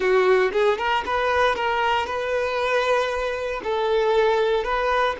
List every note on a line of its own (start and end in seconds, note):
0.00 0.51 F#4
0.52 0.78 G#4
0.78 1.03 A#4
1.05 1.55 B4
1.55 2.06 A#4
2.06 3.61 B4
3.63 4.64 A4
4.64 5.16 B4